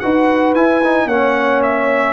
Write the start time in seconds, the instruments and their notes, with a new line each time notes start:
0.00 tuba D#4, trombone F#4, horn B4, trumpet F#5
0.54 tuba E4, trombone E4, trumpet G#5
0.83 trombone D#4
1.06 tuba A#3, trombone C#4, horn C#5, trumpet F#5
1.63 trumpet E5